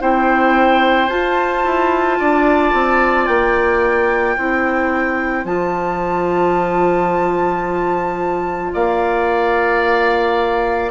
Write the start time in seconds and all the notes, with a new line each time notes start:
0.00 C4 E4 C5 G5
1.09 F4 A5
1.65 E4
2.20 D4 D5
2.74 C4
3.27 A#3 G5
4.37 C4 E4 C5
5.45 F3 F4 A5
8.74 A#3 D5 F5